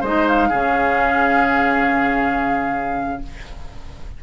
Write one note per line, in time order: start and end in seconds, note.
0.00 0.50 G#3
0.00 0.51 D#4
0.00 0.48 C5
0.00 0.28 D#5
0.28 3.23 F5
0.48 3.21 C#3
0.48 3.22 C#4
0.48 3.19 G#4